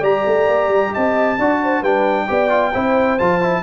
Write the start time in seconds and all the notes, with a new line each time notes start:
0.00 G3 G4 D5 A#5
0.26 A3
0.48 A#3
0.68 G3
0.92 C4 D#5 A5
1.38 D4 F#4 D5
1.63 C5
1.80 G3 D4 B4 G5
2.28 B3 G4 D5
2.49 F4
2.72 C4 E4 C5
3.19 F3 F4 A5
3.41 E4